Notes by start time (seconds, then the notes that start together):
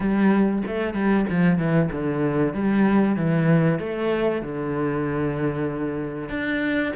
0.00 G3
0.66 A3
0.94 G3
1.29 F3
1.58 E3
1.91 D3
2.53 G3
3.16 E3
3.79 A3
4.42 D3
6.29 D4